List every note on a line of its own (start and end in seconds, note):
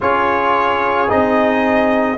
0.00 1.10 C#4
0.00 1.07 F4
0.00 2.17 G#4
0.00 1.09 C#5
1.07 2.17 C4
1.07 2.17 D#4
1.07 2.17 D#5